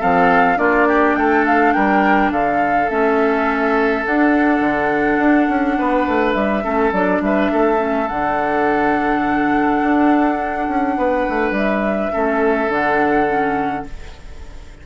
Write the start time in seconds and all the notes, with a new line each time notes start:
0.00 F3 C4 A4 F5
0.56 A#3 D4 F4 D5
0.87 G4
1.16 A3 A4 G5
1.46 F5
1.73 G3 A#4 G5
2.31 D3 A4 F5
2.89 A3 C#4 E5
4.06 D4 F#5
4.60 D3
5.18 D4
5.48 C#4
5.78 B3 B4
6.08 A3
6.33 G3 E5
6.64 A3 C#4 A4
6.92 F#3 D4 D5
7.20 G3 B4 E5
7.52 A3 A4
7.78 C#4
8.08 D3 D4 F#5
9.83 D4
10.68 C#4
10.97 B3 B4
11.29 A3
11.51 G3 E5
12.12 A3 C#4 A4
12.69 D3 D4 F#5
13.27 C#4